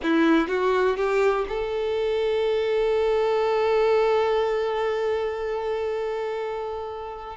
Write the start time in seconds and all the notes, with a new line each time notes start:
0.02 E4
0.48 F#4
0.96 G4
1.48 A4